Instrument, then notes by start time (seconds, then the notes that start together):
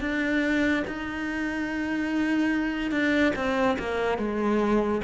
cello
0.00 D4
0.87 D#4
2.91 D4
3.35 C4
3.78 A#3
4.18 G#3